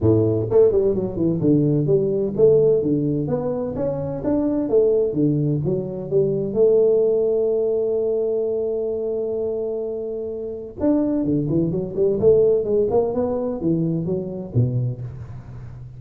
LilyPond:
\new Staff \with { instrumentName = "tuba" } { \time 4/4 \tempo 4 = 128 a,4 a8 g8 fis8 e8 d4 | g4 a4 d4 b4 | cis'4 d'4 a4 d4 | fis4 g4 a2~ |
a1~ | a2. d'4 | d8 e8 fis8 g8 a4 gis8 ais8 | b4 e4 fis4 b,4 | }